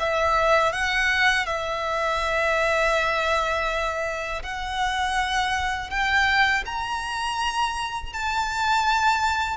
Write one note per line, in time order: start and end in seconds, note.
0.00 0.73 E5
0.73 1.46 F#5
1.46 4.42 E5
4.43 5.90 F#5
5.90 6.64 G5
6.66 8.13 A#5
8.13 9.57 A5